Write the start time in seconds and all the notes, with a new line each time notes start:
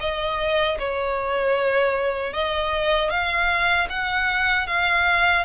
0.00 D#5
0.79 C#5
2.33 D#5
3.10 F5
3.90 F#5
4.67 F5